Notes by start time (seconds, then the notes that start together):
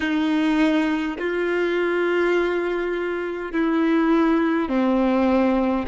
0.00 D#4
1.18 F4
3.52 E4
4.68 C4